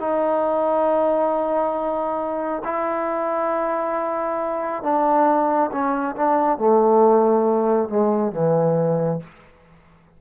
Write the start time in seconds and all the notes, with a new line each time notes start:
0.00 D#4
2.64 E4
4.83 D4
5.72 C#4
6.16 D4
6.58 A3
7.89 G#3
8.32 E3